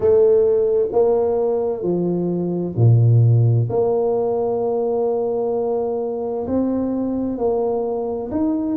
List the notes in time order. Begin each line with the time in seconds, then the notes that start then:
0.00 A3
0.92 A#3
1.82 F3
2.76 A#2
3.69 A#3
6.47 C4
7.38 A#3
8.31 D#4